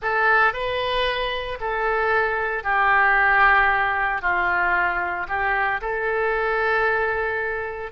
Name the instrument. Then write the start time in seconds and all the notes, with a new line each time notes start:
oboe
0.01 A4
0.53 B4
1.60 A4
2.63 G4
4.21 F4
5.28 G4
5.81 A4